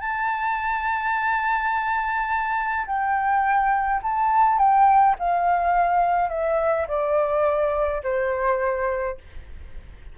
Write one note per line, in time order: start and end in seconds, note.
0.00 2.86 A5
2.86 4.01 G5
4.03 4.58 A5
4.58 5.15 G5
5.19 6.29 F5
6.29 6.86 E5
6.88 8.02 D5
8.03 9.17 C5